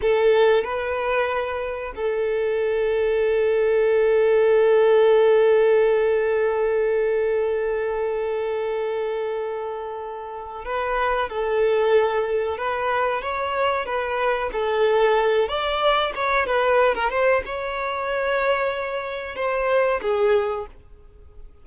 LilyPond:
\new Staff \with { instrumentName = "violin" } { \time 4/4 \tempo 4 = 93 a'4 b'2 a'4~ | a'1~ | a'1~ | a'1~ |
a'8 b'4 a'2 b'8~ | b'8 cis''4 b'4 a'4. | d''4 cis''8 b'8. ais'16 c''8 cis''4~ | cis''2 c''4 gis'4 | }